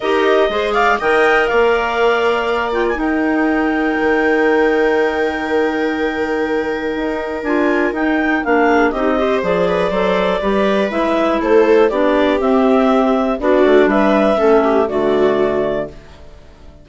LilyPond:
<<
  \new Staff \with { instrumentName = "clarinet" } { \time 4/4 \tempo 4 = 121 dis''4. f''8 g''4 f''4~ | f''4. g''16 gis''16 g''2~ | g''1~ | g''2. gis''4 |
g''4 f''4 dis''4 d''4~ | d''2 e''4 c''4 | d''4 e''2 d''4 | e''2 d''2 | }
  \new Staff \with { instrumentName = "viola" } { \time 4/4 ais'4 c''8 d''8 dis''4 d''4~ | d''2 ais'2~ | ais'1~ | ais'1~ |
ais'4. gis'8 g'8 c''4 b'8 | c''4 b'2 a'4 | g'2. fis'4 | b'4 a'8 g'8 fis'2 | }
  \new Staff \with { instrumentName = "clarinet" } { \time 4/4 g'4 gis'4 ais'2~ | ais'4. f'8 dis'2~ | dis'1~ | dis'2. f'4 |
dis'4 d'4 dis'8 g'8 gis'4 | a'4 g'4 e'2 | d'4 c'2 d'4~ | d'4 cis'4 a2 | }
  \new Staff \with { instrumentName = "bassoon" } { \time 4/4 dis'4 gis4 dis4 ais4~ | ais2 dis'2 | dis1~ | dis2 dis'4 d'4 |
dis'4 ais4 c'4 f4 | fis4 g4 gis4 a4 | b4 c'2 b8 a8 | g4 a4 d2 | }
>>